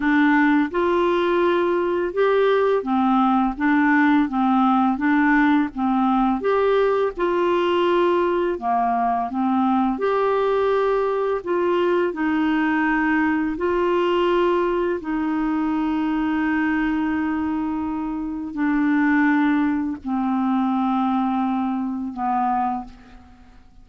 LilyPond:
\new Staff \with { instrumentName = "clarinet" } { \time 4/4 \tempo 4 = 84 d'4 f'2 g'4 | c'4 d'4 c'4 d'4 | c'4 g'4 f'2 | ais4 c'4 g'2 |
f'4 dis'2 f'4~ | f'4 dis'2.~ | dis'2 d'2 | c'2. b4 | }